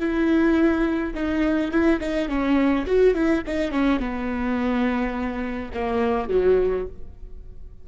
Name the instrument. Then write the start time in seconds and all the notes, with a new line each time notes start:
viola
0.00 E4
1.15 D#4
1.72 E4
2.01 D#4
2.29 C#4
2.87 F#4
3.15 E4
3.47 D#4
3.72 C#4
4.00 B3
5.75 A#3
6.30 F#3